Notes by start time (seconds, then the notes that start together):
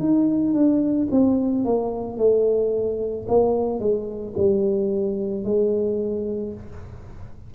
0.00 D#4
0.54 D4
1.11 C4
1.65 A#3
2.18 A3
3.28 A#3
3.79 G#3
4.37 G3
5.44 G#3